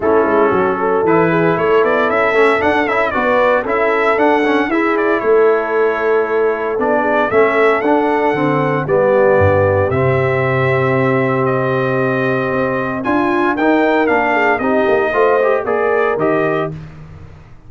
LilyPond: <<
  \new Staff \with { instrumentName = "trumpet" } { \time 4/4 \tempo 4 = 115 a'2 b'4 cis''8 d''8 | e''4 fis''8 e''8 d''4 e''4 | fis''4 e''8 d''8 cis''2~ | cis''4 d''4 e''4 fis''4~ |
fis''4 d''2 e''4~ | e''2 dis''2~ | dis''4 gis''4 g''4 f''4 | dis''2 d''4 dis''4 | }
  \new Staff \with { instrumentName = "horn" } { \time 4/4 e'4 fis'8 a'4 gis'8 a'4~ | a'2 b'4 a'4~ | a'4 gis'4 a'2~ | a'4. gis'8 a'2~ |
a'4 g'2.~ | g'1~ | g'4 f'4 ais'4. gis'8 | g'4 c''4 ais'2 | }
  \new Staff \with { instrumentName = "trombone" } { \time 4/4 cis'2 e'2~ | e'8 cis'8 d'8 e'8 fis'4 e'4 | d'8 cis'8 e'2.~ | e'4 d'4 cis'4 d'4 |
c'4 b2 c'4~ | c'1~ | c'4 f'4 dis'4 d'4 | dis'4 f'8 g'8 gis'4 g'4 | }
  \new Staff \with { instrumentName = "tuba" } { \time 4/4 a8 gis8 fis4 e4 a8 b8 | cis'8 a8 d'8 cis'8 b4 cis'4 | d'4 e'4 a2~ | a4 b4 a4 d'4 |
d4 g4 g,4 c4~ | c1 | c'4 d'4 dis'4 ais4 | c'8 ais8 a4 ais4 dis4 | }
>>